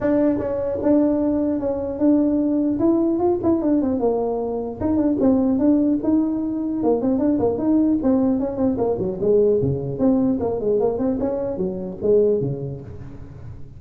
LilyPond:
\new Staff \with { instrumentName = "tuba" } { \time 4/4 \tempo 4 = 150 d'4 cis'4 d'2 | cis'4 d'2 e'4 | f'8 e'8 d'8 c'8 ais2 | dis'8 d'8 c'4 d'4 dis'4~ |
dis'4 ais8 c'8 d'8 ais8 dis'4 | c'4 cis'8 c'8 ais8 fis8 gis4 | cis4 c'4 ais8 gis8 ais8 c'8 | cis'4 fis4 gis4 cis4 | }